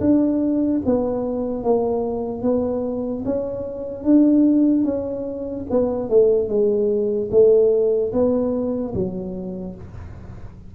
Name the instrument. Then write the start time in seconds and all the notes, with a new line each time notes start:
tuba
0.00 D4
0.85 B3
1.63 A#3
2.42 B3
3.25 C#4
4.04 D4
4.84 C#4
5.70 B3
6.09 A3
6.48 G#3
7.31 A3
8.12 B3
8.94 F#3